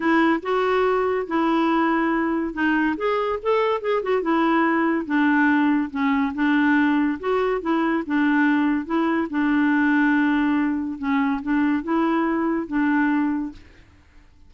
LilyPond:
\new Staff \with { instrumentName = "clarinet" } { \time 4/4 \tempo 4 = 142 e'4 fis'2 e'4~ | e'2 dis'4 gis'4 | a'4 gis'8 fis'8 e'2 | d'2 cis'4 d'4~ |
d'4 fis'4 e'4 d'4~ | d'4 e'4 d'2~ | d'2 cis'4 d'4 | e'2 d'2 | }